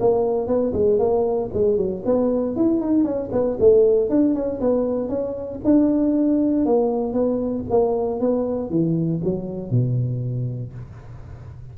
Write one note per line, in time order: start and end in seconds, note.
0.00 0.47 A#3
0.47 0.73 B3
0.73 0.98 G#3
0.98 1.50 A#3
1.53 1.77 G#3
1.77 2.03 F#3
2.05 2.56 B3
2.56 2.80 E4
2.80 3.04 D#4
3.04 3.29 C#4
3.32 3.57 B3
3.59 4.10 A3
4.10 4.34 D4
4.34 4.60 C#4
4.60 5.09 B3
5.09 5.60 C#4
5.64 6.65 D4
6.65 7.13 A#3
7.13 7.64 B3
7.70 8.20 A#3
8.20 8.70 B3
8.70 9.21 E3
9.24 9.71 F#3
9.71 10.73 B2